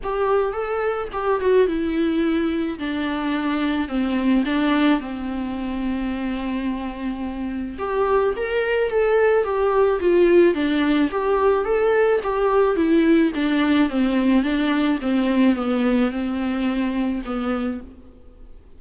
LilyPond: \new Staff \with { instrumentName = "viola" } { \time 4/4 \tempo 4 = 108 g'4 a'4 g'8 fis'8 e'4~ | e'4 d'2 c'4 | d'4 c'2.~ | c'2 g'4 ais'4 |
a'4 g'4 f'4 d'4 | g'4 a'4 g'4 e'4 | d'4 c'4 d'4 c'4 | b4 c'2 b4 | }